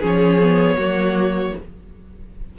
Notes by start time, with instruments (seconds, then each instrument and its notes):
0.00 cello F3, viola C#4, violin G#4
0.06 violin C#5
0.42 viola B3
0.76 cello F#3, viola A#3, violin F#4